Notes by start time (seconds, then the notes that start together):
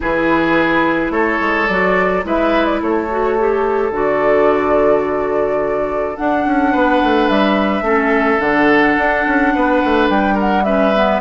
0.00 E3 E4 G#4 B4
1.09 A3 A4 C#5
1.40 G#3
1.67 F#3 F#4 D5
2.23 G#3 E4 B4 E5
2.65 D5
2.81 A3 A4 C#5
3.10 F#4
3.38 G4
3.90 D3 F#4 D5
6.16 D4 F#5
6.46 C#4
6.71 B3 B4
7.03 A3
7.28 G3 E5
7.81 A3 C#4 A4
8.39 D3 D4 F#5
8.97 D4
9.26 C#4
9.54 B3 B4
9.84 A3
10.09 G3 G5
10.34 A#4 F#5
10.64 C#4 B4 E5
10.94 B3